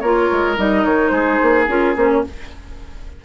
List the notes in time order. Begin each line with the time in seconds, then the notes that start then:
0.00 A#3 F4 A#4 C#5
0.32 G#3
0.57 G3 D#4 D#5
0.85 D#3 C#5
1.09 G#3 G#4 C5
1.43 A#3
1.68 C#4 F4 A#4
1.96 A#3 C#4 C5
2.11 C#5